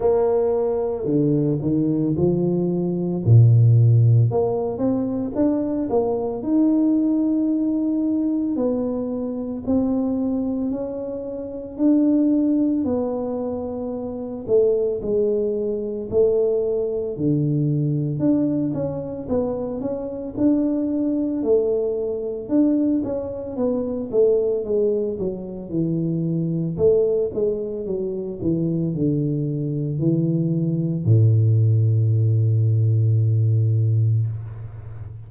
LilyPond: \new Staff \with { instrumentName = "tuba" } { \time 4/4 \tempo 4 = 56 ais4 d8 dis8 f4 ais,4 | ais8 c'8 d'8 ais8 dis'2 | b4 c'4 cis'4 d'4 | b4. a8 gis4 a4 |
d4 d'8 cis'8 b8 cis'8 d'4 | a4 d'8 cis'8 b8 a8 gis8 fis8 | e4 a8 gis8 fis8 e8 d4 | e4 a,2. | }